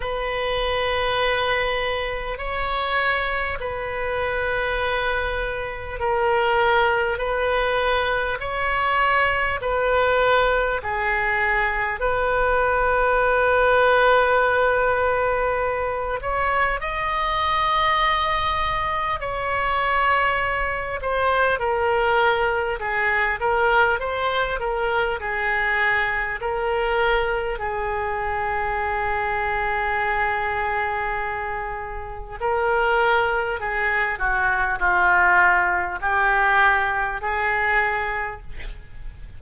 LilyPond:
\new Staff \with { instrumentName = "oboe" } { \time 4/4 \tempo 4 = 50 b'2 cis''4 b'4~ | b'4 ais'4 b'4 cis''4 | b'4 gis'4 b'2~ | b'4. cis''8 dis''2 |
cis''4. c''8 ais'4 gis'8 ais'8 | c''8 ais'8 gis'4 ais'4 gis'4~ | gis'2. ais'4 | gis'8 fis'8 f'4 g'4 gis'4 | }